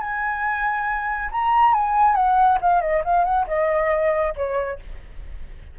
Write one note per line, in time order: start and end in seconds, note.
0.00 1.29 G#5
1.32 1.73 A#5
1.73 2.15 G#5
2.15 2.58 F#5
2.61 2.81 F5
2.81 3.03 D#5
3.04 3.24 F5
3.24 3.46 F#5
3.47 4.33 D#5
4.36 4.79 C#5